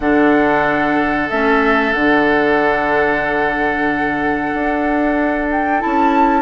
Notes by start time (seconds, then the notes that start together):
0.00 D3 D4 A4 F#5
1.29 A3 C#4 E5
1.92 D3 D4 F#5
4.53 D4
5.51 G5
5.79 C#4 E4 A5